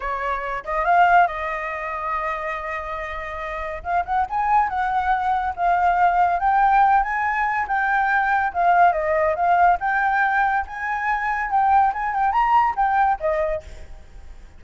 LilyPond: \new Staff \with { instrumentName = "flute" } { \time 4/4 \tempo 4 = 141 cis''4. dis''8 f''4 dis''4~ | dis''1~ | dis''4 f''8 fis''8 gis''4 fis''4~ | fis''4 f''2 g''4~ |
g''8 gis''4. g''2 | f''4 dis''4 f''4 g''4~ | g''4 gis''2 g''4 | gis''8 g''8 ais''4 g''4 dis''4 | }